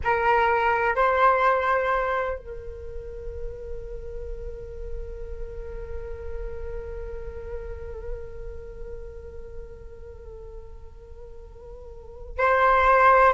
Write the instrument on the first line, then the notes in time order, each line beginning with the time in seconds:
flute
0.03 A#4
0.95 C5
2.38 A#4
12.38 C5